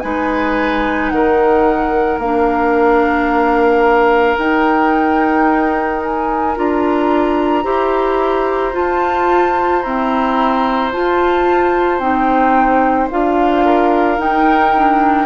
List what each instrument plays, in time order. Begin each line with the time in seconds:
0.00 bassoon G#3, clarinet D#4, oboe B4, flute G#5
1.09 bassoon D#3, oboe A#4, flute F#5
2.18 bassoon A#3, clarinet D4, flute F5
4.38 clarinet D#4, bassoon D#4, flute G5
6.03 flute G#5
6.56 bassoon D4, clarinet F4, flute A#5
7.63 bassoon E4, clarinet G4, oboe C5
8.72 clarinet F4, bassoon F4, flute A5
9.82 clarinet C4, bassoon E4, flute A#5
10.92 clarinet F4, bassoon F4, flute A5
11.99 bassoon C4, clarinet D#4, flute G5
13.10 bassoon D4, clarinet F4, flute F5
13.65 oboe A#4
14.17 clarinet D#4, bassoon D#4, flute G5
14.76 clarinet D4